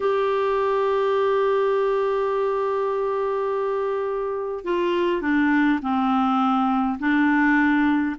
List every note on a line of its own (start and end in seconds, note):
0.00 4.64 G4
4.64 5.21 F4
5.21 5.79 D4
5.81 6.98 C4
6.99 8.16 D4